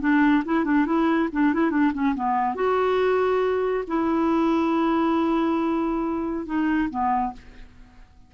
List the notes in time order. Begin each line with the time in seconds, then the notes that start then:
0.00 D4
0.45 E4
0.65 D4
0.86 E4
1.32 D4
1.53 E4
1.71 D4
1.93 C#4
2.15 B3
2.55 F#4
3.87 E4
6.46 D#4
6.90 B3